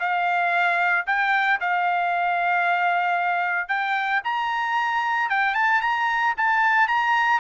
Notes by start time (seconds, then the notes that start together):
0.00 F5
1.07 G5
1.61 F5
3.69 G5
4.24 A#5
5.30 G5
5.55 A5
5.82 A#5
6.38 A5
6.88 A#5